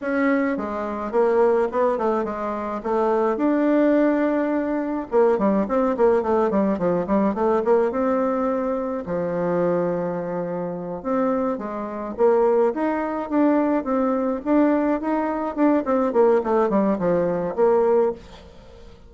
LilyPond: \new Staff \with { instrumentName = "bassoon" } { \time 4/4 \tempo 4 = 106 cis'4 gis4 ais4 b8 a8 | gis4 a4 d'2~ | d'4 ais8 g8 c'8 ais8 a8 g8 | f8 g8 a8 ais8 c'2 |
f2.~ f8 c'8~ | c'8 gis4 ais4 dis'4 d'8~ | d'8 c'4 d'4 dis'4 d'8 | c'8 ais8 a8 g8 f4 ais4 | }